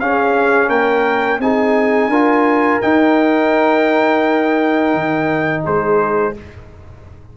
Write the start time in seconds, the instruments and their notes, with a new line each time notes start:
0.00 tuba C#4, trombone C#4, horn G#4, trumpet F5
0.69 tuba A#3, horn A#4, trumpet G5
1.39 tuba C4, trombone D#4, horn G#4, trumpet G#5
2.08 tuba D4, trombone F4, horn A#4
2.82 trombone D#4, tuba D#4, trumpet G5
4.94 tuba D#3
5.64 tuba G#3, horn G#4, trumpet C5